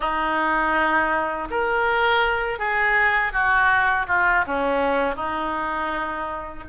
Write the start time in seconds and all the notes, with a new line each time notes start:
0.00 D#4
1.50 A#4
2.59 G#4
3.32 F#4
4.07 F4
4.46 C#4
5.15 D#4